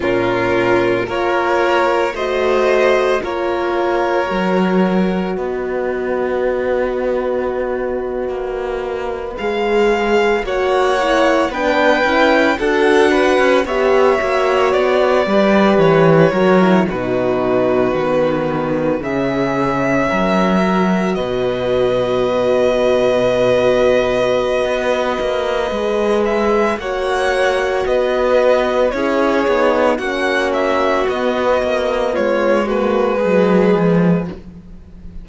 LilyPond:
<<
  \new Staff \with { instrumentName = "violin" } { \time 4/4 \tempo 4 = 56 ais'4 cis''4 dis''4 cis''4~ | cis''4 dis''2.~ | dis''8. f''4 fis''4 g''4 fis''16~ | fis''8. e''4 d''4 cis''4 b'16~ |
b'4.~ b'16 e''2 dis''16~ | dis''1~ | dis''8 e''8 fis''4 dis''4 cis''4 | fis''8 e''8 dis''4 cis''8 b'4. | }
  \new Staff \with { instrumentName = "violin" } { \time 4/4 f'4 ais'4 c''4 ais'4~ | ais'4 b'2.~ | b'4.~ b'16 cis''4 b'4 a'16~ | a'16 b'8 cis''4. b'4 ais'8 fis'16~ |
fis'4.~ fis'16 gis'4 ais'4 b'16~ | b'1~ | b'4 cis''4 b'4 gis'4 | fis'2 f'8 fis'8 gis'4 | }
  \new Staff \with { instrumentName = "horn" } { \time 4/4 cis'4 f'4 fis'4 f'4 | fis'1~ | fis'8. gis'4 fis'8 e'8 d'8 e'8 fis'16~ | fis'8. g'8 fis'4 g'4 fis'16 e'16 dis'16~ |
dis'8. b4 cis'4. fis'8.~ | fis'1 | gis'4 fis'2 e'8 dis'8 | cis'4 b4. ais8 gis4 | }
  \new Staff \with { instrumentName = "cello" } { \time 4/4 ais,4 ais4 a4 ais4 | fis4 b2~ b8. ais16~ | ais8. gis4 ais4 b8 cis'8 d'16~ | d'8 cis'16 b8 ais8 b8 g8 e8 fis8 b,16~ |
b,8. dis4 cis4 fis4 b,16~ | b,2. b8 ais8 | gis4 ais4 b4 cis'8 b8 | ais4 b8 ais8 gis4 fis8 f8 | }
>>